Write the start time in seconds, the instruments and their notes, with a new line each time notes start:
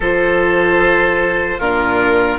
0.00 bassoon F3, viola F4, oboe A4, violin C5
1.58 bassoon A#2, viola D4, oboe F4, violin A#4